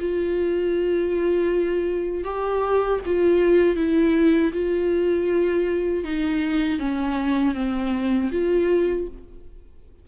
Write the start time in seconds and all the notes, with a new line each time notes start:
0.00 F4
2.24 G4
3.06 F4
3.76 E4
4.53 F4
6.04 D#4
6.79 C#4
7.55 C4
8.32 F4